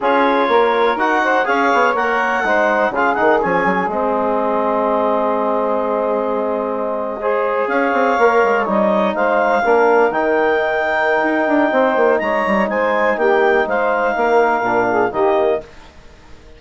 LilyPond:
<<
  \new Staff \with { instrumentName = "clarinet" } { \time 4/4 \tempo 4 = 123 cis''2 fis''4 f''4 | fis''2 f''8 fis''8 gis''4 | dis''1~ | dis''2.~ dis''8. f''16~ |
f''4.~ f''16 dis''4 f''4~ f''16~ | f''8. g''2.~ g''16~ | g''4 ais''4 gis''4 g''4 | f''2. dis''4 | }
  \new Staff \with { instrumentName = "saxophone" } { \time 4/4 gis'4 ais'4. c''8 cis''4~ | cis''4 c''4 gis'2~ | gis'1~ | gis'2~ gis'8. c''4 cis''16~ |
cis''2~ cis''8. c''4 ais'16~ | ais'1 | c''4 cis''4 c''4 g'4 | c''4 ais'4. gis'8 g'4 | }
  \new Staff \with { instrumentName = "trombone" } { \time 4/4 f'2 fis'4 gis'4 | ais'4 dis'4 f'8 dis'8 cis'4 | c'1~ | c'2~ c'8. gis'4~ gis'16~ |
gis'8. ais'4 dis'2 d'16~ | d'8. dis'2.~ dis'16~ | dis'1~ | dis'2 d'4 ais4 | }
  \new Staff \with { instrumentName = "bassoon" } { \time 4/4 cis'4 ais4 dis'4 cis'8 b8 | ais4 gis4 cis8 dis8 f8 fis8 | gis1~ | gis2.~ gis8. cis'16~ |
cis'16 c'8 ais8 gis8 g4 gis4 ais16~ | ais8. dis2~ dis16 dis'8 d'8 | c'8 ais8 gis8 g8 gis4 ais4 | gis4 ais4 ais,4 dis4 | }
>>